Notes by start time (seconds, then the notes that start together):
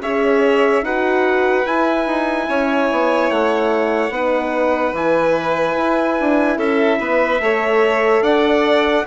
0.00 C#4 G#4 C#5 E5
0.82 D#4 F#4 B4 F#5
1.65 E4 G#5
2.06 D#4
2.48 C#4 C#5
2.91 B3
3.30 A3 F#5
4.10 B3 D#4 B4
4.92 E3 E4 G#5
5.77 E4
6.20 D4
6.57 C#4 A4 E5
6.99 B3 B4
7.40 A3 A4 C#5
8.21 D4 D5 F#5